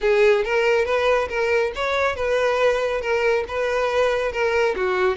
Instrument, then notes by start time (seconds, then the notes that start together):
violin
0.01 G#4
0.44 A#4
0.85 B4
1.28 A#4
1.75 C#5
2.15 B4
3.01 A#4
3.48 B4
4.31 A#4
4.76 F#4